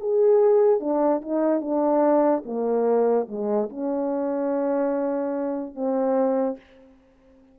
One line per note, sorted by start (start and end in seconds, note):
0.00 0.80 G#4
0.80 1.21 D4
1.22 1.61 D#4
1.61 2.44 D4
2.45 3.28 A#3
3.28 3.69 G#3
3.70 5.75 C#4
5.75 6.57 C4